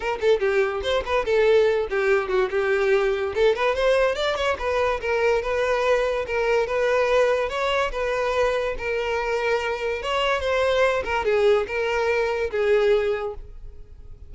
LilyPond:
\new Staff \with { instrumentName = "violin" } { \time 4/4 \tempo 4 = 144 ais'8 a'8 g'4 c''8 b'8 a'4~ | a'8 g'4 fis'8 g'2 | a'8 b'8 c''4 d''8 cis''8 b'4 | ais'4 b'2 ais'4 |
b'2 cis''4 b'4~ | b'4 ais'2. | cis''4 c''4. ais'8 gis'4 | ais'2 gis'2 | }